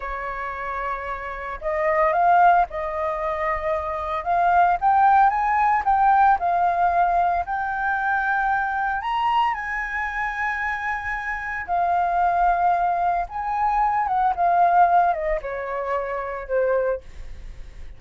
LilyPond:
\new Staff \with { instrumentName = "flute" } { \time 4/4 \tempo 4 = 113 cis''2. dis''4 | f''4 dis''2. | f''4 g''4 gis''4 g''4 | f''2 g''2~ |
g''4 ais''4 gis''2~ | gis''2 f''2~ | f''4 gis''4. fis''8 f''4~ | f''8 dis''8 cis''2 c''4 | }